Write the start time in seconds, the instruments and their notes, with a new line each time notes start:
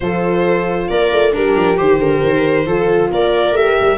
0.00 tuba F3, horn F4, viola A4, violin C5
0.87 tuba A#3, viola A#4, violin D5
1.12 tuba A3
1.32 tuba G3, viola D4, horn G4, violin A#4
1.55 tuba F3
1.76 tuba D#3, viola G4, violin C5
1.99 tuba D3, viola A#4
2.23 tuba D#3
2.65 tuba F3, horn F4, viola A4
3.10 tuba A#3, viola A#4, violin D5
3.51 tuba A3, horn G4, violin E5
3.80 tuba G3